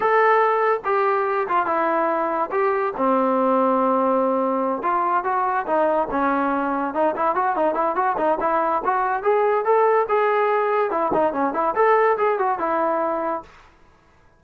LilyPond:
\new Staff \with { instrumentName = "trombone" } { \time 4/4 \tempo 4 = 143 a'2 g'4. f'8 | e'2 g'4 c'4~ | c'2.~ c'8 f'8~ | f'8 fis'4 dis'4 cis'4.~ |
cis'8 dis'8 e'8 fis'8 dis'8 e'8 fis'8 dis'8 | e'4 fis'4 gis'4 a'4 | gis'2 e'8 dis'8 cis'8 e'8 | a'4 gis'8 fis'8 e'2 | }